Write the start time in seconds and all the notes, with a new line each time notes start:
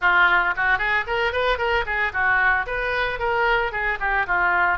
0.01 F4
0.56 F#4
0.78 G#4
1.06 A#4
1.32 B4
1.58 A#4
1.86 G#4
2.12 F#4
2.66 B4
3.19 A#4
3.72 G#4
4.00 G4
4.26 F4